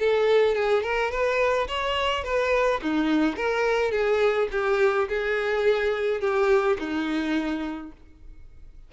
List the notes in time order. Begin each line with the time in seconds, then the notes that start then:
0.00 A4
0.55 G#4
0.83 A#4
1.11 B4
1.68 C#5
2.24 B4
2.83 D#4
3.37 A#4
3.92 G#4
4.52 G4
5.09 G#4
6.21 G4
6.80 D#4